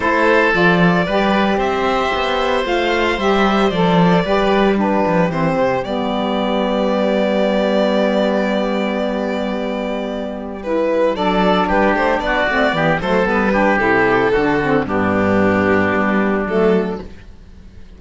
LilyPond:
<<
  \new Staff \with { instrumentName = "violin" } { \time 4/4 \tempo 4 = 113 c''4 d''2 e''4~ | e''4 f''4 e''4 d''4~ | d''4 b'4 c''4 d''4~ | d''1~ |
d''1 | b'4 d''4 b'8 c''8 d''4~ | d''8 c''8 b'4 a'2 | g'2. a'4 | }
  \new Staff \with { instrumentName = "oboe" } { \time 4/4 a'2 b'4 c''4~ | c''1 | b'4 g'2.~ | g'1~ |
g'1~ | g'4 a'4 g'4 fis'4 | g'8 a'4 g'4. fis'4 | d'1 | }
  \new Staff \with { instrumentName = "saxophone" } { \time 4/4 e'4 f'4 g'2~ | g'4 f'4 g'4 a'4 | g'4 d'4 c'4 b4~ | b1~ |
b1 | e'4 d'2~ d'8 c'8 | b8 a8 b8 d'8 e'4 d'8 c'8 | b2. a4 | }
  \new Staff \with { instrumentName = "cello" } { \time 4/4 a4 f4 g4 c'4 | b4 a4 g4 f4 | g4. f8 e8 c8 g4~ | g1~ |
g1~ | g4 fis4 g8 a8 b8 a8 | e8 fis8 g4 c4 d4 | g,2 g4 fis4 | }
>>